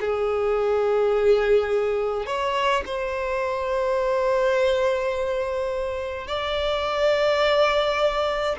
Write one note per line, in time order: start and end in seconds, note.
0.00 2.26 G#4
2.26 2.83 C#5
2.86 6.27 C5
6.27 8.56 D5